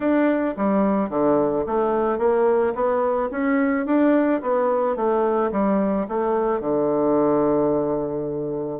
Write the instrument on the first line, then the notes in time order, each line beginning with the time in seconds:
bassoon
0.00 D4
0.56 G3
1.09 D3
1.66 A3
2.18 A#3
2.74 B3
3.30 C#4
3.86 D4
4.41 B3
4.95 A3
5.51 G3
6.08 A3
6.60 D3